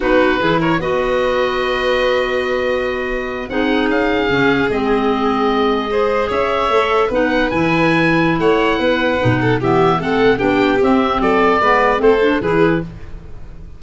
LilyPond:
<<
  \new Staff \with { instrumentName = "oboe" } { \time 4/4 \tempo 4 = 150 b'4. cis''8 dis''2~ | dis''1~ | dis''8. fis''4 f''2 dis''16~ | dis''2.~ dis''8. e''16~ |
e''4.~ e''16 fis''4 gis''4~ gis''16~ | gis''4 fis''2. | e''4 fis''4 g''4 e''4 | d''2 c''4 b'4 | }
  \new Staff \with { instrumentName = "violin" } { \time 4/4 fis'4 gis'8 ais'8 b'2~ | b'1~ | b'8. gis'2.~ gis'16~ | gis'2~ gis'8. c''4 cis''16~ |
cis''4.~ cis''16 b'2~ b'16~ | b'4 cis''4 b'4. a'8 | g'4 a'4 g'2 | a'4 b'4 a'4 gis'4 | }
  \new Staff \with { instrumentName = "clarinet" } { \time 4/4 dis'4 e'4 fis'2~ | fis'1~ | fis'8. dis'2 cis'4 c'16~ | c'2~ c'8. gis'4~ gis'16~ |
gis'8. a'4 dis'4 e'4~ e'16~ | e'2. dis'4 | b4 c'4 d'4 c'4~ | c'4 b4 c'8 d'8 e'4 | }
  \new Staff \with { instrumentName = "tuba" } { \time 4/4 b4 e4 b2~ | b1~ | b8. c'4 cis'4 cis4 gis16~ | gis2.~ gis8. cis'16~ |
cis'8. a4 b4 e4~ e16~ | e4 a4 b4 b,4 | e4 a4 b4 c'4 | fis4 gis4 a4 e4 | }
>>